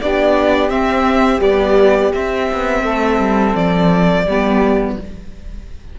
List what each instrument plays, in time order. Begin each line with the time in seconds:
0.00 cello B3, viola D4, saxophone G4, violin D5
0.69 viola C4, cello C4, violin E5
1.39 viola G3, cello B3, violin D5
2.14 viola C4, cello C4, violin E5
2.51 cello B3
2.82 cello A3, saxophone A4
3.19 cello G3
3.55 cello F3, violin D5
4.25 cello G3, viola B3, saxophone G4